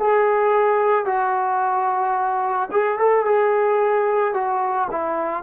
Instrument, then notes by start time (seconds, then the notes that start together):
trombone
0.00 G#4
1.06 F#4
2.72 G#4
2.99 A4
3.26 G#4
4.34 F#4
4.91 E4